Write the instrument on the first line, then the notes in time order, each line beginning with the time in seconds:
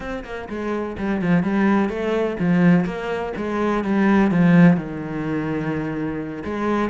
cello
0.00 C4
0.24 A#3
0.49 G#3
0.97 G3
1.21 F3
1.42 G3
1.89 A3
2.39 F3
2.85 A#3
3.36 G#3
3.83 G3
4.31 F3
4.76 D#3
6.44 G#3